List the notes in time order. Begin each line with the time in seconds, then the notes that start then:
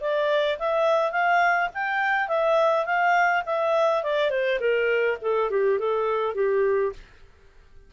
0.00 D5
0.58 E5
1.11 F5
1.74 G5
2.28 E5
2.85 F5
3.45 E5
4.03 D5
4.30 C5
4.60 A#4
5.22 A4
5.50 G4
5.79 A4
6.35 G4